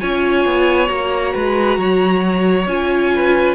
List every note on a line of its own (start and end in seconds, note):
0.00 0.45 C#4
0.00 0.87 F4
0.00 1.34 C#5
0.00 0.88 G#5
0.45 0.89 B3
0.87 1.34 A#3
0.87 2.66 F#4
0.87 2.67 A#5
1.34 1.77 G#3
1.34 1.78 B4
1.77 2.66 F#3
1.77 3.13 C#5
2.66 3.55 C#4
2.66 3.55 F4
2.66 3.55 G#5
3.15 3.55 B4